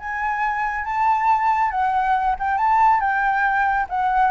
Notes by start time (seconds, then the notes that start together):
0.00 G#5
0.85 A5
1.71 F#5
2.40 G5
2.58 A5
3.01 G5
3.90 F#5